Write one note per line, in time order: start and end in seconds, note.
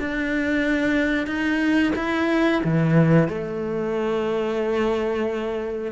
0.00 1.27 D4
1.27 1.93 D#4
1.96 2.62 E4
2.64 3.29 E3
3.29 5.92 A3